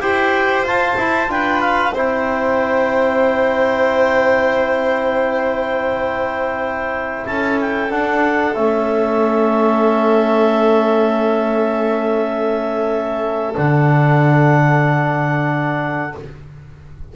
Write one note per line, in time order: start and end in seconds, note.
0.00 0.62 E4
0.00 0.66 G4
0.00 1.31 C5
0.00 0.65 G5
0.62 0.94 F4
0.62 0.97 F4
0.62 1.31 A5
0.97 1.28 E4
1.28 1.92 D4
1.28 1.92 F4
1.28 1.94 B4
1.28 1.60 G5
1.60 1.93 F5
1.92 7.25 C4
1.92 7.90 E4
1.92 7.27 C5
1.92 7.26 G5
7.26 7.91 C#4
7.26 16.16 A4
7.26 7.59 A5
7.61 7.91 G5
7.90 8.54 D4
7.90 8.56 D4
7.90 8.54 F#5
8.54 13.56 A3
8.54 13.54 C#4
8.54 13.54 E5
13.54 16.15 D3
13.54 16.12 D4
13.54 16.16 F#5